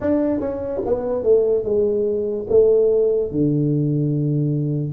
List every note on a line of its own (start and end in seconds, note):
0.00 0.40 D4
0.40 0.81 C#4
0.85 1.23 B3
1.23 1.64 A3
1.64 2.46 G#3
2.49 3.31 A3
3.31 4.92 D3